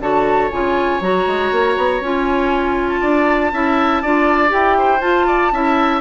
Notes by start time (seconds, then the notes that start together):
0.00 D3 F#4 C#5 A5
0.51 C#3 F4 G#5
1.00 F#3 F#4 A#5
1.27 G#3
1.52 A#3
1.77 B3
2.01 C#4 F4 G#5
2.89 A5
3.01 D4 D5
3.53 C#4 E4 E5
4.03 D4 F4 D5
4.48 E4 G4 G5
4.78 C5
5.01 F4 A5
5.27 D5
5.52 C#4 E4 E5